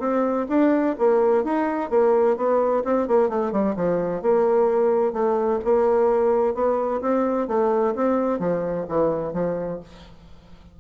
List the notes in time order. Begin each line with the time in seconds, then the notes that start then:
0.00 C4
0.49 D4
0.99 A#3
1.44 D#4
1.90 A#3
2.37 B3
2.85 C4
3.08 A#3
3.29 A3
3.52 G3
3.76 F3
4.22 A#3
5.13 A3
5.64 A#3
6.54 B3
7.01 C4
7.48 A3
7.96 C4
8.40 F3
8.88 E3
9.34 F3